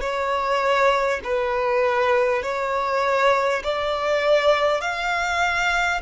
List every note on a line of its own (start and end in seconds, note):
0.00 1.20 C#5
1.24 2.43 B4
2.43 3.63 C#5
3.63 4.81 D5
4.81 6.01 F5